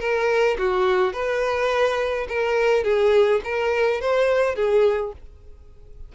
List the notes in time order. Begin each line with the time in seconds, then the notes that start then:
0.00 A#4
0.58 F#4
1.13 B4
2.29 A#4
2.84 G#4
3.45 A#4
4.02 C5
4.56 G#4